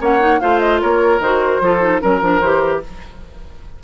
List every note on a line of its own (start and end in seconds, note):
0.00 0.41 A#3
0.00 0.20 C#4
0.00 0.41 C#5
0.00 0.41 F#5
0.20 0.40 D#4
0.41 0.83 A3
0.41 1.21 F4
0.41 0.82 C5
0.41 0.60 F5
0.60 0.80 D#5
0.82 1.20 A#3
0.82 1.62 A#4
0.82 1.22 C#5
1.20 1.60 D#3
1.20 1.63 F#4
1.20 2.02 C5
1.61 2.01 F3
1.61 1.82 F4
1.61 2.02 A4
1.82 2.01 D#4
2.01 2.22 F#3
2.01 2.21 C#4
2.01 2.40 A#4
2.01 2.82 A#4
2.21 2.42 F3
2.21 2.42 D4
2.40 2.82 E3
2.40 2.84 G4
2.40 2.80 C5